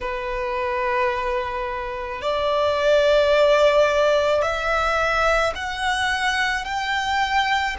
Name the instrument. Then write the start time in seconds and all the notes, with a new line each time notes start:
violin
0.00 B4
2.21 D5
4.41 E5
5.55 F#5
6.64 G5